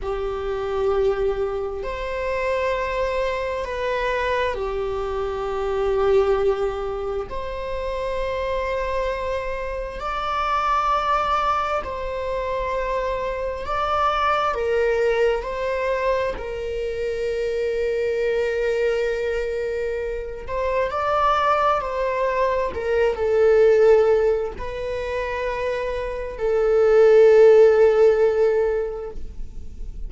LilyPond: \new Staff \with { instrumentName = "viola" } { \time 4/4 \tempo 4 = 66 g'2 c''2 | b'4 g'2. | c''2. d''4~ | d''4 c''2 d''4 |
ais'4 c''4 ais'2~ | ais'2~ ais'8 c''8 d''4 | c''4 ais'8 a'4. b'4~ | b'4 a'2. | }